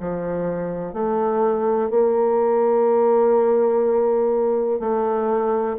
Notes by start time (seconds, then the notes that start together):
0.00 F3
0.93 A3
1.90 A#3
4.79 A3